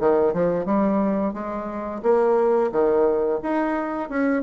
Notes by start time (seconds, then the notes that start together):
0.00 D#3
0.33 F3
0.66 G3
1.34 G#3
2.03 A#3
2.72 D#3
3.43 D#4
4.10 C#4